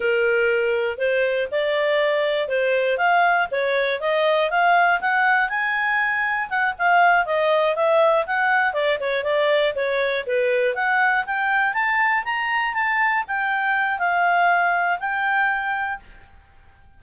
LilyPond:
\new Staff \with { instrumentName = "clarinet" } { \time 4/4 \tempo 4 = 120 ais'2 c''4 d''4~ | d''4 c''4 f''4 cis''4 | dis''4 f''4 fis''4 gis''4~ | gis''4 fis''8 f''4 dis''4 e''8~ |
e''8 fis''4 d''8 cis''8 d''4 cis''8~ | cis''8 b'4 fis''4 g''4 a''8~ | a''8 ais''4 a''4 g''4. | f''2 g''2 | }